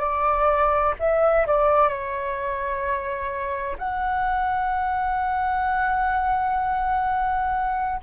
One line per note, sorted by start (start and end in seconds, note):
0.00 0.94 D5
1.00 1.47 E5
1.47 1.88 D5
1.88 3.76 C#5
3.78 8.00 F#5